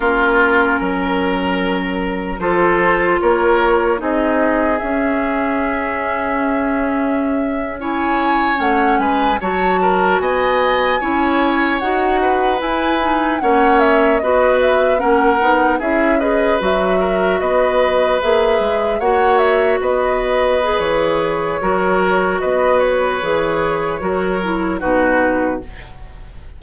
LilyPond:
<<
  \new Staff \with { instrumentName = "flute" } { \time 4/4 \tempo 4 = 75 ais'2. c''4 | cis''4 dis''4 e''2~ | e''4.~ e''16 gis''4 fis''8 gis''8 a''16~ | a''8. gis''2 fis''4 gis''16~ |
gis''8. fis''8 e''8 dis''8 e''8 fis''4 e''16~ | e''16 dis''8 e''4 dis''4 e''4 fis''16~ | fis''16 e''8 dis''4~ dis''16 cis''2 | dis''8 cis''2~ cis''8 b'4 | }
  \new Staff \with { instrumentName = "oboe" } { \time 4/4 f'4 ais'2 a'4 | ais'4 gis'2.~ | gis'4.~ gis'16 cis''4. b'8 cis''16~ | cis''16 ais'8 dis''4 cis''4. b'8.~ |
b'8. cis''4 b'4 ais'4 gis'16~ | gis'16 b'4 ais'8 b'2 cis''16~ | cis''8. b'2~ b'16 ais'4 | b'2 ais'4 fis'4 | }
  \new Staff \with { instrumentName = "clarinet" } { \time 4/4 cis'2. f'4~ | f'4 dis'4 cis'2~ | cis'4.~ cis'16 e'4 cis'4 fis'16~ | fis'4.~ fis'16 e'4 fis'4 e'16~ |
e'16 dis'8 cis'4 fis'4 cis'8 dis'8 e'16~ | e'16 gis'8 fis'2 gis'4 fis'16~ | fis'4.~ fis'16 gis'4~ gis'16 fis'4~ | fis'4 gis'4 fis'8 e'8 dis'4 | }
  \new Staff \with { instrumentName = "bassoon" } { \time 4/4 ais4 fis2 f4 | ais4 c'4 cis'2~ | cis'2~ cis'8. a8 gis8 fis16~ | fis8. b4 cis'4 dis'4 e'16~ |
e'8. ais4 b4 ais8 b8 cis'16~ | cis'8. fis4 b4 ais8 gis8 ais16~ | ais8. b4~ b16 e4 fis4 | b4 e4 fis4 b,4 | }
>>